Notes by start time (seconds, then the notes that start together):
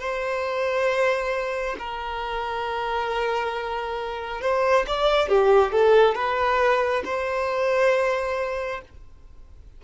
0.00 C5
1.79 A#4
4.42 C5
4.88 D5
5.29 G4
5.72 A4
6.15 B4
7.05 C5